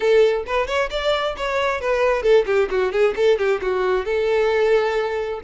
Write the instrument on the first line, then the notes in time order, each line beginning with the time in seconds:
violin
0.00 A4
0.46 B4
0.67 C#5
0.90 D5
1.37 C#5
1.80 B4
2.22 A4
2.46 G4
2.70 F#4
2.91 G#4
3.16 A4
3.38 G4
3.61 F#4
4.05 A4